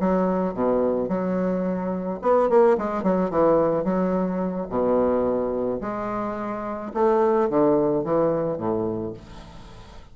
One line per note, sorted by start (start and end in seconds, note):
0.00 0.54 F#3
0.54 1.09 B2
1.09 2.20 F#3
2.22 2.49 B3
2.49 2.77 A#3
2.78 3.03 G#3
3.03 3.30 F#3
3.30 3.84 E3
3.84 4.68 F#3
4.70 5.81 B2
5.81 6.92 G#3
6.94 7.49 A3
7.50 8.04 D3
8.04 8.58 E3
8.58 9.13 A2